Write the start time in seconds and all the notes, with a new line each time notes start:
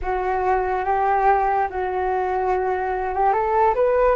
0.02 F#4
0.84 G4
1.70 F#4
3.15 G4
3.32 A4
3.74 B4